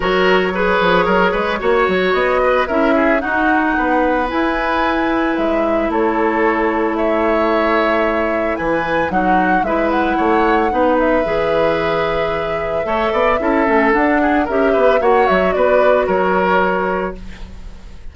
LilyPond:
<<
  \new Staff \with { instrumentName = "flute" } { \time 4/4 \tempo 4 = 112 cis''1 | dis''4 e''4 fis''2 | gis''2 e''4 cis''4~ | cis''4 e''2. |
gis''4 fis''4 e''8 fis''4.~ | fis''8 e''2.~ e''8~ | e''2 fis''4 e''4 | fis''8 e''8 d''4 cis''2 | }
  \new Staff \with { instrumentName = "oboe" } { \time 4/4 ais'4 b'4 ais'8 b'8 cis''4~ | cis''8 b'8 ais'8 gis'8 fis'4 b'4~ | b'2. a'4~ | a'4 cis''2. |
b'4 fis'4 b'4 cis''4 | b'1 | cis''8 d''8 a'4. gis'8 ais'8 b'8 | cis''4 b'4 ais'2 | }
  \new Staff \with { instrumentName = "clarinet" } { \time 4/4 fis'4 gis'2 fis'4~ | fis'4 e'4 dis'2 | e'1~ | e'1~ |
e'4 dis'4 e'2 | dis'4 gis'2. | a'4 e'8 cis'8 d'4 g'4 | fis'1 | }
  \new Staff \with { instrumentName = "bassoon" } { \time 4/4 fis4. f8 fis8 gis8 ais8 fis8 | b4 cis'4 dis'4 b4 | e'2 gis4 a4~ | a1 |
e4 fis4 gis4 a4 | b4 e2. | a8 b8 cis'8 a8 d'4 cis'8 b8 | ais8 fis8 b4 fis2 | }
>>